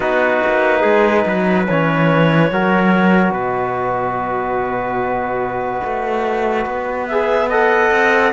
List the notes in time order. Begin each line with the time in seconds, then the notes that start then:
0.00 B3 D#4 F#4 B4
0.46 A#3
0.80 G#3 G#4
1.25 F#3 B4
1.67 E3 C#4 C#5
2.51 F#3 F#4 A#4
3.31 B2 B4 D#5
5.84 A3
6.65 B3
7.07 G#4 E5
7.48 A4 D#5 F#5
7.91 C4